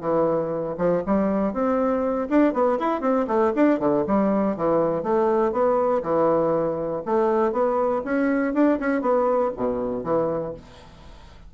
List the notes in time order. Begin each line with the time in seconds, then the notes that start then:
0.00 E3
0.77 F3
1.06 G3
1.53 C4
2.29 D4
2.53 B3
2.78 E4
3.00 C4
3.27 A3
3.55 D4
3.79 D3
4.07 G3
4.56 E3
5.03 A3
5.52 B3
6.02 E3
7.05 A3
7.52 B3
8.04 C#4
8.53 D4
8.79 C#4
9.01 B3
9.55 B2
10.03 E3